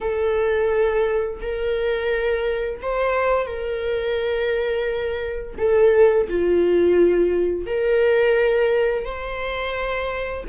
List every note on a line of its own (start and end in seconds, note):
0.00 1.40 A4
1.41 2.81 A#4
2.82 3.46 C5
3.46 5.55 A#4
5.58 6.27 A4
6.29 7.66 F4
7.66 9.04 A#4
9.04 10.44 C5